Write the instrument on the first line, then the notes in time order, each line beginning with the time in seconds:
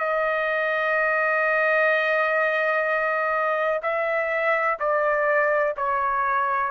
trumpet
0.00 D#5
3.83 E5
4.80 D5
5.77 C#5